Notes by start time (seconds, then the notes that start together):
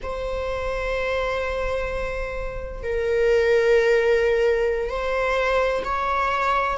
0.03 C5
2.83 A#4
4.89 C5
5.84 C#5